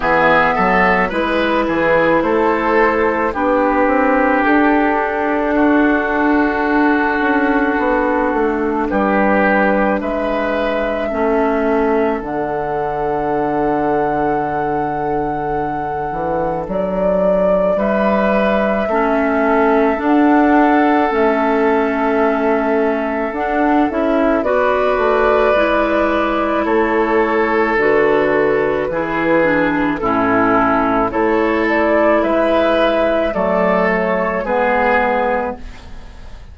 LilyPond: <<
  \new Staff \with { instrumentName = "flute" } { \time 4/4 \tempo 4 = 54 e''4 b'4 c''4 b'4 | a'1 | b'4 e''2 fis''4~ | fis''2. d''4 |
e''2 fis''4 e''4~ | e''4 fis''8 e''8 d''2 | cis''4 b'2 a'4 | cis''8 d''8 e''4 d''8 cis''8 b'4 | }
  \new Staff \with { instrumentName = "oboe" } { \time 4/4 gis'8 a'8 b'8 gis'8 a'4 g'4~ | g'4 fis'2. | g'4 b'4 a'2~ | a'1 |
b'4 a'2.~ | a'2 b'2 | a'2 gis'4 e'4 | a'4 b'4 a'4 gis'4 | }
  \new Staff \with { instrumentName = "clarinet" } { \time 4/4 b4 e'2 d'4~ | d'1~ | d'2 cis'4 d'4~ | d'1~ |
d'4 cis'4 d'4 cis'4~ | cis'4 d'8 e'8 fis'4 e'4~ | e'4 fis'4 e'8 d'8 cis'4 | e'2 a4 b4 | }
  \new Staff \with { instrumentName = "bassoon" } { \time 4/4 e8 fis8 gis8 e8 a4 b8 c'8 | d'2~ d'8 cis'8 b8 a8 | g4 gis4 a4 d4~ | d2~ d8 e8 fis4 |
g4 a4 d'4 a4~ | a4 d'8 cis'8 b8 a8 gis4 | a4 d4 e4 a,4 | a4 gis4 fis4 gis4 | }
>>